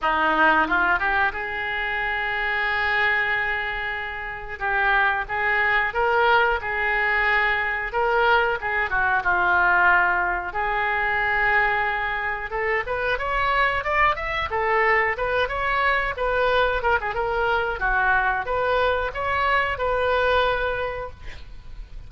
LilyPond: \new Staff \with { instrumentName = "oboe" } { \time 4/4 \tempo 4 = 91 dis'4 f'8 g'8 gis'2~ | gis'2. g'4 | gis'4 ais'4 gis'2 | ais'4 gis'8 fis'8 f'2 |
gis'2. a'8 b'8 | cis''4 d''8 e''8 a'4 b'8 cis''8~ | cis''8 b'4 ais'16 gis'16 ais'4 fis'4 | b'4 cis''4 b'2 | }